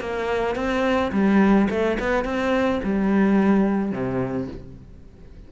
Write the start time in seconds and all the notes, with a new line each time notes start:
0.00 A#3
0.55 C4
1.12 G3
1.69 A3
1.99 B3
2.25 C4
2.83 G3
3.92 C3